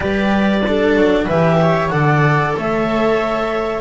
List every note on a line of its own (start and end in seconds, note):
0.00 0.95 G3
0.00 0.61 G4
0.00 0.63 B4
0.00 1.27 D5
0.66 1.30 D4
0.66 1.24 A4
0.95 1.27 F#3
1.24 1.90 E3
1.24 1.90 G4
1.24 1.56 B4
1.24 1.88 E5
1.61 1.93 C#5
1.88 2.54 D3
1.88 3.80 A4
1.88 2.56 D5
1.88 2.52 F#5
2.56 3.80 A3
2.56 3.80 C#5
2.56 3.80 E5